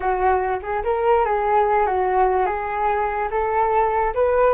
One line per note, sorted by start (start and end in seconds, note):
0.00 0.59 F#4
0.62 0.83 G#4
0.84 1.25 A#4
1.25 1.86 G#4
1.86 2.45 F#4
2.45 3.28 G#4
3.30 4.13 A4
4.14 4.54 B4